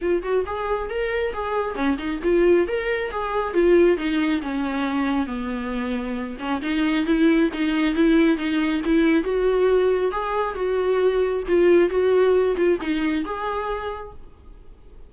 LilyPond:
\new Staff \with { instrumentName = "viola" } { \time 4/4 \tempo 4 = 136 f'8 fis'8 gis'4 ais'4 gis'4 | cis'8 dis'8 f'4 ais'4 gis'4 | f'4 dis'4 cis'2 | b2~ b8 cis'8 dis'4 |
e'4 dis'4 e'4 dis'4 | e'4 fis'2 gis'4 | fis'2 f'4 fis'4~ | fis'8 f'8 dis'4 gis'2 | }